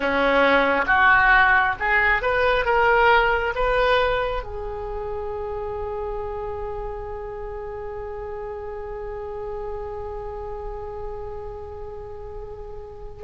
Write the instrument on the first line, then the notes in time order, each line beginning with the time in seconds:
oboe
0.00 C#4
0.87 F#4
1.79 G#4
2.22 B4
2.65 A#4
3.55 B4
4.43 G#4